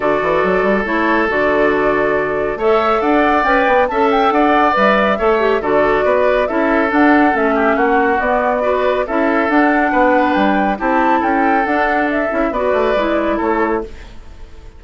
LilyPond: <<
  \new Staff \with { instrumentName = "flute" } { \time 4/4 \tempo 4 = 139 d''2 cis''4 d''4~ | d''2 e''4 fis''4 | g''4 a''8 g''8 fis''4 e''4~ | e''4 d''2 e''4 |
fis''4 e''4 fis''4 d''4~ | d''4 e''4 fis''2 | g''4 a''4 g''4 fis''4 | e''4 d''2 cis''4 | }
  \new Staff \with { instrumentName = "oboe" } { \time 4/4 a'1~ | a'2 cis''4 d''4~ | d''4 e''4 d''2 | cis''4 a'4 b'4 a'4~ |
a'4. g'8 fis'2 | b'4 a'2 b'4~ | b'4 g'4 a'2~ | a'4 b'2 a'4 | }
  \new Staff \with { instrumentName = "clarinet" } { \time 4/4 fis'2 e'4 fis'4~ | fis'2 a'2 | b'4 a'2 b'4 | a'8 g'8 fis'2 e'4 |
d'4 cis'2 b4 | fis'4 e'4 d'2~ | d'4 e'2 d'4~ | d'8 e'8 fis'4 e'2 | }
  \new Staff \with { instrumentName = "bassoon" } { \time 4/4 d8 e8 fis8 g8 a4 d4~ | d2 a4 d'4 | cis'8 b8 cis'4 d'4 g4 | a4 d4 b4 cis'4 |
d'4 a4 ais4 b4~ | b4 cis'4 d'4 b4 | g4 c'4 cis'4 d'4~ | d'8 cis'8 b8 a8 gis4 a4 | }
>>